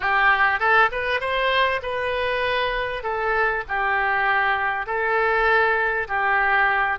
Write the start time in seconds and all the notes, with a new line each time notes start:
0.00 G4
0.59 A4
0.91 B4
1.20 C5
1.82 B4
3.03 A4
3.68 G4
4.86 A4
6.07 G4